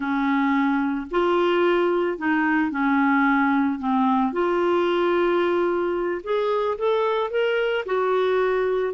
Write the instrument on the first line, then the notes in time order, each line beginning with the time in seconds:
clarinet
0.00 C#4
1.11 F4
2.18 D#4
2.71 C#4
3.79 C4
4.32 F4
6.23 G#4
6.77 A4
7.30 A#4
7.85 F#4